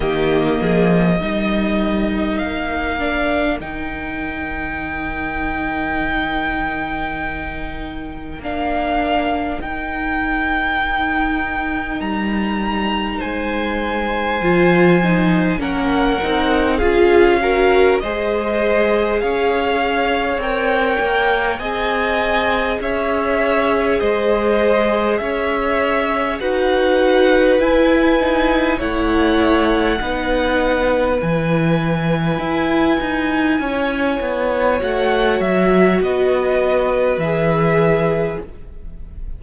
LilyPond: <<
  \new Staff \with { instrumentName = "violin" } { \time 4/4 \tempo 4 = 50 dis''2 f''4 g''4~ | g''2. f''4 | g''2 ais''4 gis''4~ | gis''4 fis''4 f''4 dis''4 |
f''4 g''4 gis''4 e''4 | dis''4 e''4 fis''4 gis''4 | fis''2 gis''2~ | gis''4 fis''8 e''8 dis''4 e''4 | }
  \new Staff \with { instrumentName = "violin" } { \time 4/4 g'8 gis'8 ais'2.~ | ais'1~ | ais'2. c''4~ | c''4 ais'4 gis'8 ais'8 c''4 |
cis''2 dis''4 cis''4 | c''4 cis''4 b'2 | cis''4 b'2. | cis''2 b'2 | }
  \new Staff \with { instrumentName = "viola" } { \time 4/4 ais4 dis'4. d'8 dis'4~ | dis'2. d'4 | dis'1 | f'8 dis'8 cis'8 dis'8 f'8 fis'8 gis'4~ |
gis'4 ais'4 gis'2~ | gis'2 fis'4 e'8 dis'8 | e'4 dis'4 e'2~ | e'4 fis'2 gis'4 | }
  \new Staff \with { instrumentName = "cello" } { \time 4/4 dis8 f8 g4 ais4 dis4~ | dis2. ais4 | dis'2 g4 gis4 | f4 ais8 c'8 cis'4 gis4 |
cis'4 c'8 ais8 c'4 cis'4 | gis4 cis'4 dis'4 e'4 | a4 b4 e4 e'8 dis'8 | cis'8 b8 a8 fis8 b4 e4 | }
>>